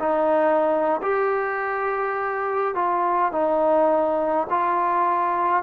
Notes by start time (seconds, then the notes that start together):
0.00 D#4
1.02 G4
2.75 F4
3.32 D#4
4.50 F4